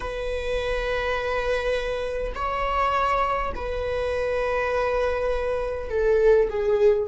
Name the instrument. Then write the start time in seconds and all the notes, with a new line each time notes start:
viola
0.00 B4
2.34 C#5
3.55 B4
5.90 A4
6.49 G#4